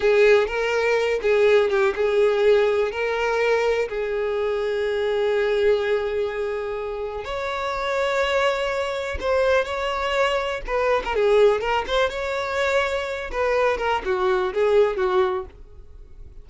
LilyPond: \new Staff \with { instrumentName = "violin" } { \time 4/4 \tempo 4 = 124 gis'4 ais'4. gis'4 g'8 | gis'2 ais'2 | gis'1~ | gis'2. cis''4~ |
cis''2. c''4 | cis''2 b'8. ais'16 gis'4 | ais'8 c''8 cis''2~ cis''8 b'8~ | b'8 ais'8 fis'4 gis'4 fis'4 | }